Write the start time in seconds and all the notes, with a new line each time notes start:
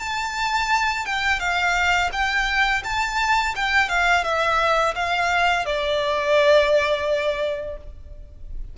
0.00 A5
1.06 G5
1.40 F5
2.13 G5
2.85 A5
3.56 G5
3.90 F5
4.24 E5
4.95 F5
5.66 D5